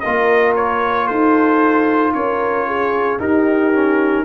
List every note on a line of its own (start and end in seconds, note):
0.00 1.10 A#3
0.00 3.20 F4
0.00 1.06 A#4
0.00 0.53 D#5
0.56 1.07 C#5
1.06 2.14 D#4
1.06 2.11 A4
1.06 2.12 C5
2.14 3.19 C#4
2.14 2.67 A#4
2.14 3.19 C#5
2.67 3.19 G#4
3.19 3.72 D#4
3.19 4.25 D#4
3.19 4.24 G4
3.19 4.25 A#4
3.73 4.25 C#4